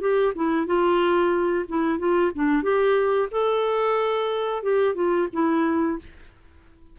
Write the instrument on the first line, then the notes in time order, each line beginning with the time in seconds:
clarinet
0.00 G4
0.35 E4
0.66 F4
1.68 E4
1.98 F4
2.35 D4
2.63 G4
3.31 A4
4.62 G4
4.95 F4
5.33 E4